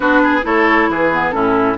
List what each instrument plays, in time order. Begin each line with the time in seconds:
0.00 bassoon B3, clarinet D4, oboe F#4, flute B4
0.23 oboe G#4
0.42 bassoon A3, clarinet E4, oboe A4, flute C#5
0.89 bassoon E3, oboe G#4, flute B4
1.12 clarinet B3
1.31 bassoon A2, clarinet C#4, oboe E4, flute A4